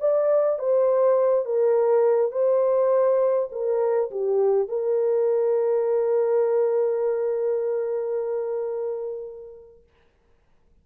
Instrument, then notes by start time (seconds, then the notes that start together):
horn
0.00 D5
0.58 C5
1.45 A#4
2.32 C5
3.51 A#4
4.11 G4
4.68 A#4